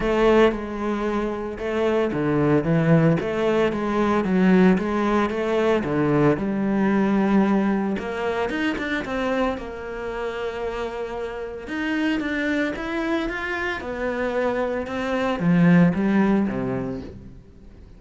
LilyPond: \new Staff \with { instrumentName = "cello" } { \time 4/4 \tempo 4 = 113 a4 gis2 a4 | d4 e4 a4 gis4 | fis4 gis4 a4 d4 | g2. ais4 |
dis'8 d'8 c'4 ais2~ | ais2 dis'4 d'4 | e'4 f'4 b2 | c'4 f4 g4 c4 | }